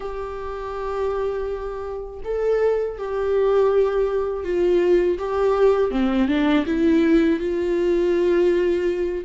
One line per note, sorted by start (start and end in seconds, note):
0.00 2.20 G4
2.24 2.98 A4
2.98 4.43 G4
4.43 5.18 F4
5.18 5.91 G4
5.91 6.28 C4
6.28 6.65 D4
6.66 7.39 E4
7.39 9.24 F4